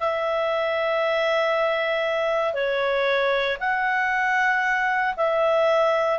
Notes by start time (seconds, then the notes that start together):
0.00 E5
2.54 C#5
3.60 F#5
5.17 E5